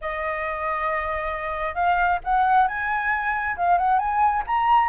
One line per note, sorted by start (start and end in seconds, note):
0.01 1.74 D#5
1.74 2.19 F5
2.24 2.67 F#5
2.67 3.56 G#5
3.56 3.77 F5
3.77 3.99 F#5
3.99 4.43 G#5
4.47 4.89 A#5